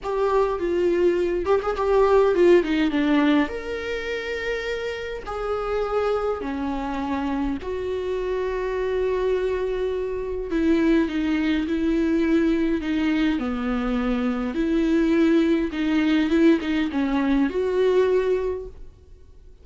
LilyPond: \new Staff \with { instrumentName = "viola" } { \time 4/4 \tempo 4 = 103 g'4 f'4. g'16 gis'16 g'4 | f'8 dis'8 d'4 ais'2~ | ais'4 gis'2 cis'4~ | cis'4 fis'2.~ |
fis'2 e'4 dis'4 | e'2 dis'4 b4~ | b4 e'2 dis'4 | e'8 dis'8 cis'4 fis'2 | }